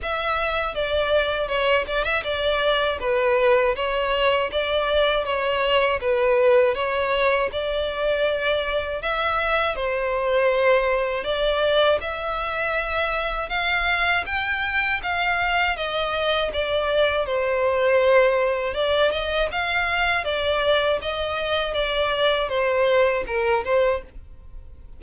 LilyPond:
\new Staff \with { instrumentName = "violin" } { \time 4/4 \tempo 4 = 80 e''4 d''4 cis''8 d''16 e''16 d''4 | b'4 cis''4 d''4 cis''4 | b'4 cis''4 d''2 | e''4 c''2 d''4 |
e''2 f''4 g''4 | f''4 dis''4 d''4 c''4~ | c''4 d''8 dis''8 f''4 d''4 | dis''4 d''4 c''4 ais'8 c''8 | }